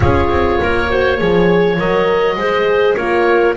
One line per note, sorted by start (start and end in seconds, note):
0.00 0.29 C#4
0.00 0.88 F4
0.00 0.60 G#4
0.00 1.76 C#5
0.29 0.59 C4
0.60 1.21 A#3
0.60 0.90 A#4
0.90 1.18 F#4
0.90 1.17 C5
1.17 1.79 F3
1.17 1.77 G#4
1.17 2.36 C#5
1.77 2.35 F#3
1.77 2.37 A#4
1.77 2.95 D#5
2.35 2.95 G#3
2.35 2.97 G#4
2.35 2.96 C5
2.95 3.56 A#3
2.95 3.56 F4
2.95 3.55 A#4
2.95 3.54 C#5